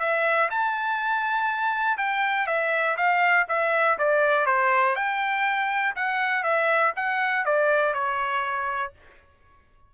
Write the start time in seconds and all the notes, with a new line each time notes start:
0.00 E5
0.51 A5
1.98 G5
2.47 E5
2.97 F5
3.49 E5
3.99 D5
4.47 C5
4.96 G5
5.96 F#5
6.44 E5
6.96 F#5
7.46 D5
7.94 C#5